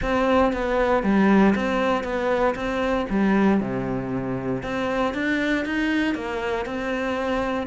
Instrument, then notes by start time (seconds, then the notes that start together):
cello
0.02 C4
0.52 B3
1.03 G3
1.55 C4
2.03 B3
2.55 C4
3.09 G3
3.60 C3
4.62 C4
5.14 D4
5.65 D#4
6.14 A#3
6.65 C4